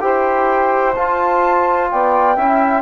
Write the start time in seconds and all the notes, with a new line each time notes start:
0.00 E4 G4 C5 G5
0.95 F4 A5
1.91 B3 D5 G5
2.36 C#4 E4 E5